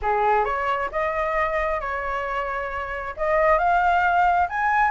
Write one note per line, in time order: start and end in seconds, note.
0.02 0.45 G#4
0.45 0.89 C#5
0.91 1.80 D#5
1.80 3.14 C#5
3.16 3.58 D#5
3.58 4.48 F5
4.49 4.91 G#5